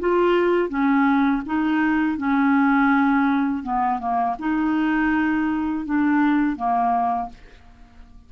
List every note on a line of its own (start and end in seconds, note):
0.00 0.70 F4
0.70 1.43 C#4
1.46 2.18 D#4
2.18 3.64 C#4
3.64 4.00 B3
4.00 4.36 A#3
4.39 5.86 D#4
5.86 6.57 D4
6.57 7.30 A#3